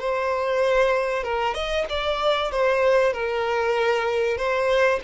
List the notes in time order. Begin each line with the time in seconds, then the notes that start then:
0.00 C5
1.24 A#4
1.54 D#5
1.89 D5
2.52 C5
3.13 A#4
4.38 C5